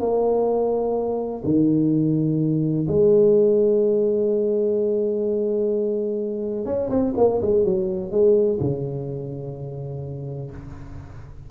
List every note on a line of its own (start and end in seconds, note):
0.00 1.43 A#3
1.44 2.87 D#3
2.88 6.66 G#3
6.66 6.90 C#4
6.90 7.14 C4
7.18 7.41 A#3
7.42 7.65 G#3
7.65 8.11 F#3
8.11 8.59 G#3
8.61 10.51 C#3